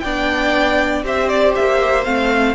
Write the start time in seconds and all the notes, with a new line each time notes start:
0.00 B3 D4 D5 G5
1.02 C4 G4 C5 E5
1.28 D5
1.55 A#3 E5
2.04 A3 C4 F5